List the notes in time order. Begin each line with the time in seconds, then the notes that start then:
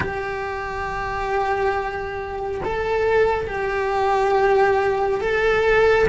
0.00 G4
2.64 A4
3.47 G4
5.20 A4